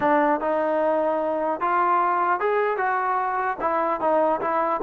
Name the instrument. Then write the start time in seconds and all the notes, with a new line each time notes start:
trombone
0.00 D4
0.40 D#4
1.60 F4
2.40 G#4
2.77 F#4
3.60 E4
4.00 D#4
4.41 E4